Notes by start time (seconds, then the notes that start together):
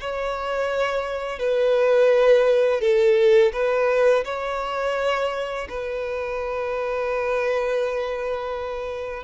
0.00 C#5
1.39 B4
2.81 A4
3.53 B4
4.25 C#5
5.69 B4